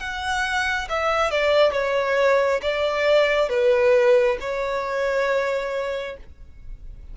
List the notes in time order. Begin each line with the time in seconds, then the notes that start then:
0.00 F#5
0.90 E5
1.31 D5
1.73 C#5
2.63 D5
3.50 B4
4.41 C#5